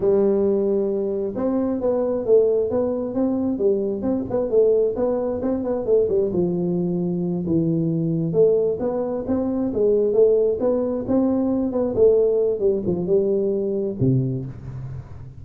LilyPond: \new Staff \with { instrumentName = "tuba" } { \time 4/4 \tempo 4 = 133 g2. c'4 | b4 a4 b4 c'4 | g4 c'8 b8 a4 b4 | c'8 b8 a8 g8 f2~ |
f8 e2 a4 b8~ | b8 c'4 gis4 a4 b8~ | b8 c'4. b8 a4. | g8 f8 g2 c4 | }